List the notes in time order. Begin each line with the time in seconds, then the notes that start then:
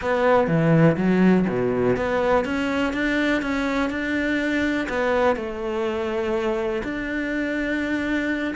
0.01 B3
0.47 E3
0.96 F#3
1.49 B2
1.96 B3
2.44 C#4
2.93 D4
3.42 C#4
3.90 D4
4.88 B3
5.35 A3
6.83 D4